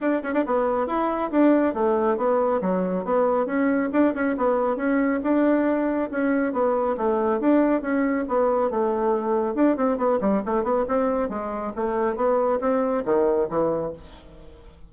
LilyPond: \new Staff \with { instrumentName = "bassoon" } { \time 4/4 \tempo 4 = 138 d'8 cis'16 d'16 b4 e'4 d'4 | a4 b4 fis4 b4 | cis'4 d'8 cis'8 b4 cis'4 | d'2 cis'4 b4 |
a4 d'4 cis'4 b4 | a2 d'8 c'8 b8 g8 | a8 b8 c'4 gis4 a4 | b4 c'4 dis4 e4 | }